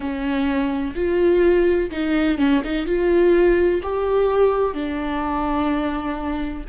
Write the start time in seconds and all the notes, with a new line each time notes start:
0.00 C#4
0.95 F4
1.90 D#4
2.37 C#4
2.64 D#4
2.86 F4
3.82 G4
4.74 D4